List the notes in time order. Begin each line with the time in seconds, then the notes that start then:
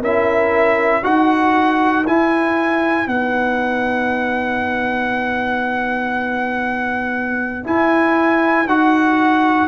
0.00 C#4 E4 A#4 E5
1.01 D#4 F#4 B4 F#5
2.06 E4 G#5
3.06 B3 D#4 F#5
7.63 E4 G#5
8.65 D#4 F#4 F#5